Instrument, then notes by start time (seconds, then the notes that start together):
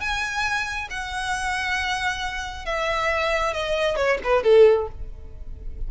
violin
0.00 G#5
0.90 F#5
2.65 E5
3.53 D#5
3.96 C#5
4.24 B4
4.44 A4